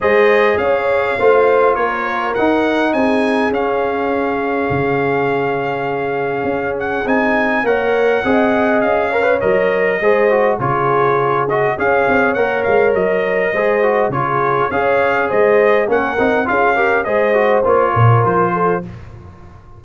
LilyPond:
<<
  \new Staff \with { instrumentName = "trumpet" } { \time 4/4 \tempo 4 = 102 dis''4 f''2 cis''4 | fis''4 gis''4 f''2~ | f''2.~ f''8 fis''8 | gis''4 fis''2 f''4 |
dis''2 cis''4. dis''8 | f''4 fis''8 f''8 dis''2 | cis''4 f''4 dis''4 fis''4 | f''4 dis''4 cis''4 c''4 | }
  \new Staff \with { instrumentName = "horn" } { \time 4/4 c''4 cis''4 c''4 ais'4~ | ais'4 gis'2.~ | gis'1~ | gis'4 cis''4 dis''4. cis''8~ |
cis''4 c''4 gis'2 | cis''2. c''4 | gis'4 cis''4 c''4 ais'4 | gis'8 ais'8 c''4. ais'4 a'8 | }
  \new Staff \with { instrumentName = "trombone" } { \time 4/4 gis'2 f'2 | dis'2 cis'2~ | cis'1 | dis'4 ais'4 gis'4. ais'16 b'16 |
ais'4 gis'8 fis'8 f'4. fis'8 | gis'4 ais'2 gis'8 fis'8 | f'4 gis'2 cis'8 dis'8 | f'8 g'8 gis'8 fis'8 f'2 | }
  \new Staff \with { instrumentName = "tuba" } { \time 4/4 gis4 cis'4 a4 ais4 | dis'4 c'4 cis'2 | cis2. cis'4 | c'4 ais4 c'4 cis'4 |
fis4 gis4 cis2 | cis'8 c'8 ais8 gis8 fis4 gis4 | cis4 cis'4 gis4 ais8 c'8 | cis'4 gis4 ais8 ais,8 f4 | }
>>